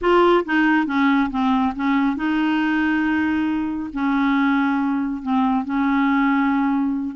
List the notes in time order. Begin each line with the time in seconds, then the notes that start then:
0.01 F4
0.45 D#4
0.86 C#4
1.30 C4
1.75 C#4
2.16 D#4
3.93 C#4
5.22 C4
5.64 C#4